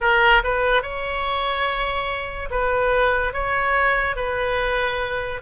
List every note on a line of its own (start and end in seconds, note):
0.00 0.42 A#4
0.43 0.82 B4
0.82 2.49 C#5
2.50 3.33 B4
3.33 4.16 C#5
4.16 5.41 B4